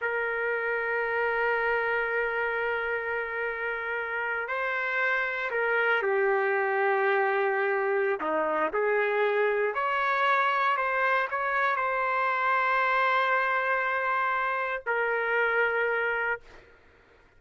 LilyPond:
\new Staff \with { instrumentName = "trumpet" } { \time 4/4 \tempo 4 = 117 ais'1~ | ais'1~ | ais'8. c''2 ais'4 g'16~ | g'1 |
dis'4 gis'2 cis''4~ | cis''4 c''4 cis''4 c''4~ | c''1~ | c''4 ais'2. | }